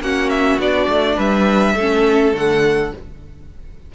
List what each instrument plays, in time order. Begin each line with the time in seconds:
0.00 cello A#3, viola C#4, violin F#4 F#5
0.30 violin E5
0.59 cello B3, viola D4, violin D5
0.88 cello A3
1.17 cello G3, violin B4 E5
1.75 cello A3, viola C#4, violin A4
2.33 cello D3, viola A3, violin F#5